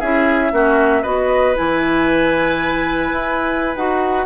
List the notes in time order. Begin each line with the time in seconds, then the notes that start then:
0.00 C#4 E4 G#4 E5
0.52 A#3 C#4 F#4
1.02 B3 F#4 B4 D#5
1.55 E3 E4 G#5
3.12 E4
3.76 D#4 F#4 F#5